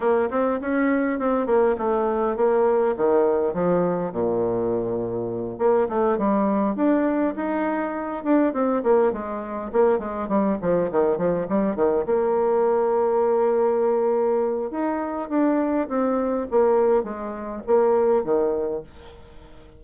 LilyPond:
\new Staff \with { instrumentName = "bassoon" } { \time 4/4 \tempo 4 = 102 ais8 c'8 cis'4 c'8 ais8 a4 | ais4 dis4 f4 ais,4~ | ais,4. ais8 a8 g4 d'8~ | d'8 dis'4. d'8 c'8 ais8 gis8~ |
gis8 ais8 gis8 g8 f8 dis8 f8 g8 | dis8 ais2.~ ais8~ | ais4 dis'4 d'4 c'4 | ais4 gis4 ais4 dis4 | }